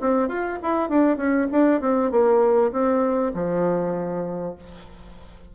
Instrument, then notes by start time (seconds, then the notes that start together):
bassoon
0.00 C4
0.28 F4
0.62 E4
0.89 D4
1.17 C#4
1.52 D4
1.80 C4
2.11 A#3
2.72 C4
3.34 F3